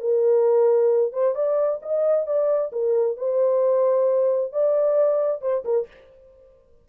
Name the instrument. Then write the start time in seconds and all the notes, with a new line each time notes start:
horn
0.00 A#4
1.13 C5
1.35 D5
1.82 D#5
2.26 D5
2.72 A#4
3.17 C5
4.52 D5
5.41 C5
5.65 A#4